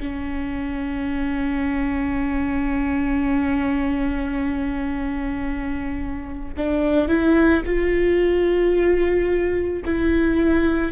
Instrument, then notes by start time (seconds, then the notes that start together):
viola
0.00 C#4
6.58 D4
7.08 E4
7.66 F4
9.85 E4